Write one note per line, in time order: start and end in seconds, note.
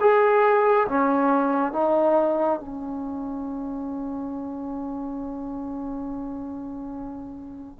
0.00 0.87 G#4
0.88 1.72 C#4
1.72 2.59 D#4
2.59 7.79 C#4